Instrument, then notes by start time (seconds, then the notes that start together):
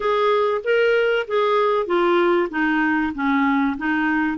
clarinet
0.00 G#4
0.64 A#4
1.27 G#4
1.86 F4
2.50 D#4
3.14 C#4
3.77 D#4